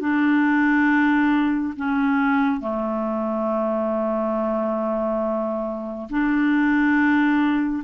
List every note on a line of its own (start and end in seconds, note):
0.00 1.74 D4
1.76 2.60 C#4
2.60 6.08 A3
6.09 7.83 D4